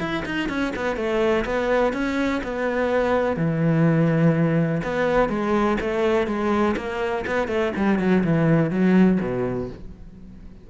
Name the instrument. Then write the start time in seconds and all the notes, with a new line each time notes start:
cello
0.00 E4
0.26 D#4
0.49 C#4
0.76 B3
0.97 A3
1.45 B3
1.93 C#4
2.44 B3
3.37 E3
4.84 B3
5.29 G#3
5.81 A3
6.27 G#3
6.77 A#3
7.27 B3
7.48 A3
7.76 G3
7.99 F#3
8.24 E3
8.71 F#3
9.21 B2